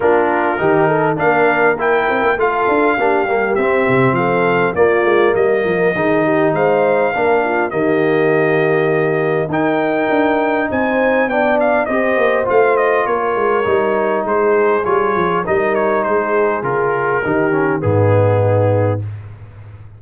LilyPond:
<<
  \new Staff \with { instrumentName = "trumpet" } { \time 4/4 \tempo 4 = 101 ais'2 f''4 g''4 | f''2 e''4 f''4 | d''4 dis''2 f''4~ | f''4 dis''2. |
g''2 gis''4 g''8 f''8 | dis''4 f''8 dis''8 cis''2 | c''4 cis''4 dis''8 cis''8 c''4 | ais'2 gis'2 | }
  \new Staff \with { instrumentName = "horn" } { \time 4/4 f'4 g'8 a'8 ais'2 | a'4 g'2 a'4 | f'4 ais'4 gis'8 g'8 c''4 | ais'8 f'8 g'2. |
ais'2 c''4 d''4 | c''2 ais'2 | gis'2 ais'4 gis'4~ | gis'4 g'4 dis'2 | }
  \new Staff \with { instrumentName = "trombone" } { \time 4/4 d'4 dis'4 d'4 e'4 | f'4 d'8 ais8 c'2 | ais2 dis'2 | d'4 ais2. |
dis'2. d'4 | g'4 f'2 dis'4~ | dis'4 f'4 dis'2 | f'4 dis'8 cis'8 b2 | }
  \new Staff \with { instrumentName = "tuba" } { \time 4/4 ais4 dis4 ais4. c'16 ais16 | a8 d'8 ais8 g8 c'8 c8 f4 | ais8 gis8 g8 f8 dis4 gis4 | ais4 dis2. |
dis'4 d'4 c'4 b4 | c'8 ais8 a4 ais8 gis8 g4 | gis4 g8 f8 g4 gis4 | cis4 dis4 gis,2 | }
>>